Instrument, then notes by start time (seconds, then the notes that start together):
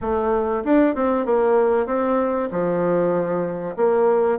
bassoon
0.01 A3
0.64 D4
0.95 C4
1.25 A#3
1.86 C4
2.51 F3
3.76 A#3